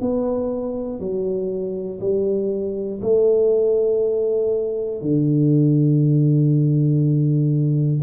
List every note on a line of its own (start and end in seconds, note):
0.00 0.99 B3
0.99 1.99 F#3
2.00 3.00 G3
3.01 5.00 A3
5.00 8.00 D3